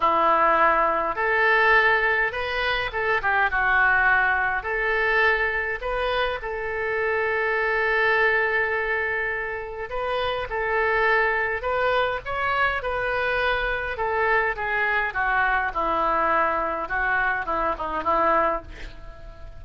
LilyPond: \new Staff \with { instrumentName = "oboe" } { \time 4/4 \tempo 4 = 103 e'2 a'2 | b'4 a'8 g'8 fis'2 | a'2 b'4 a'4~ | a'1~ |
a'4 b'4 a'2 | b'4 cis''4 b'2 | a'4 gis'4 fis'4 e'4~ | e'4 fis'4 e'8 dis'8 e'4 | }